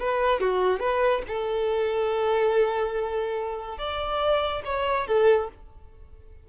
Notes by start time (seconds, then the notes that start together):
0.00 B4
0.41 F#4
0.80 B4
1.28 A4
3.78 D5
4.65 C#5
5.07 A4